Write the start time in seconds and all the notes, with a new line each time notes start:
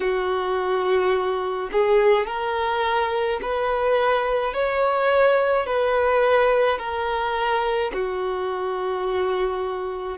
0.00 F#4
1.71 G#4
2.26 A#4
3.42 B4
4.53 C#5
5.66 B4
6.78 A#4
7.92 F#4